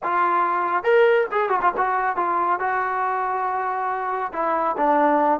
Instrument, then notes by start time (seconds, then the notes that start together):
trombone
0.03 F4
0.83 A#4
1.31 G#4
1.49 F#4
1.61 F4
1.77 F#4
2.16 F4
2.59 F#4
4.32 E4
4.77 D4